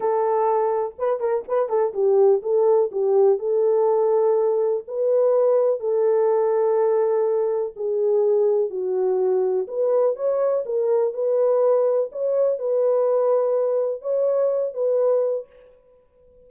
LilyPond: \new Staff \with { instrumentName = "horn" } { \time 4/4 \tempo 4 = 124 a'2 b'8 ais'8 b'8 a'8 | g'4 a'4 g'4 a'4~ | a'2 b'2 | a'1 |
gis'2 fis'2 | b'4 cis''4 ais'4 b'4~ | b'4 cis''4 b'2~ | b'4 cis''4. b'4. | }